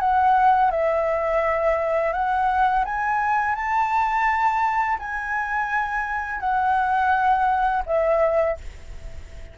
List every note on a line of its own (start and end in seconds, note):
0.00 0.71 F#5
0.71 2.13 E5
2.13 2.84 F#5
2.85 3.55 G#5
3.55 4.98 A5
4.99 6.40 G#5
6.40 7.83 F#5
7.86 8.57 E5